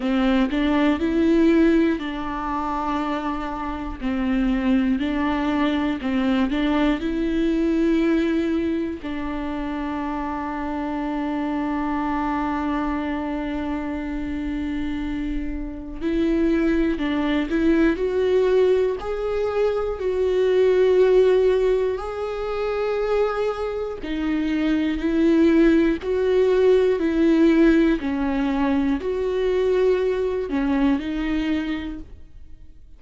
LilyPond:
\new Staff \with { instrumentName = "viola" } { \time 4/4 \tempo 4 = 60 c'8 d'8 e'4 d'2 | c'4 d'4 c'8 d'8 e'4~ | e'4 d'2.~ | d'1 |
e'4 d'8 e'8 fis'4 gis'4 | fis'2 gis'2 | dis'4 e'4 fis'4 e'4 | cis'4 fis'4. cis'8 dis'4 | }